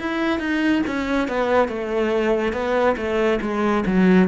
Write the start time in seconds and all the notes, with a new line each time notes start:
0.00 E4
0.40 D#4
0.87 C#4
1.28 B3
1.69 A3
2.53 B3
2.97 A3
3.42 G#3
3.86 F#3